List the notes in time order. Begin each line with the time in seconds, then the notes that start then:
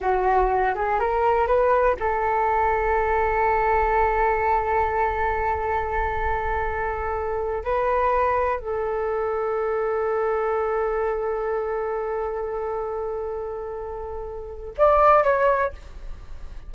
0.00 F#4
0.74 G#4
0.99 A#4
1.47 B4
1.99 A4
7.64 B4
8.59 A4
14.77 D5
15.23 C#5